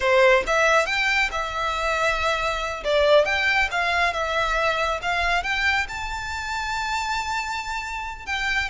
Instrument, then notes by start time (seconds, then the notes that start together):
violin
0.00 C5
0.46 E5
0.86 G5
1.31 E5
2.84 D5
3.25 G5
3.71 F5
4.13 E5
5.02 F5
5.43 G5
5.88 A5
8.25 G5